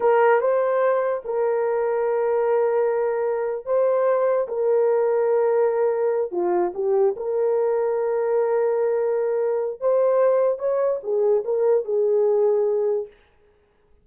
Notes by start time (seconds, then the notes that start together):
0.00 A#4
0.41 C5
1.24 A#4
3.65 C5
4.48 A#4
6.31 F4
6.74 G4
7.16 A#4
9.80 C5
10.59 C#5
11.03 G#4
11.44 A#4
11.84 G#4